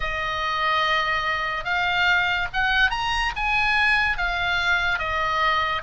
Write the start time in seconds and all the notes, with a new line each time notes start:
0.00 D#5
1.64 F5
2.53 F#5
2.90 A#5
3.36 G#5
4.17 F5
4.98 D#5